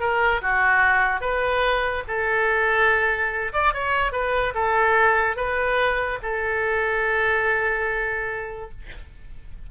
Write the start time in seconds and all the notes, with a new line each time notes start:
0.00 A#4
0.42 F#4
1.21 B4
2.08 A4
3.53 D5
3.74 C#5
4.12 B4
4.54 A4
5.36 B4
6.22 A4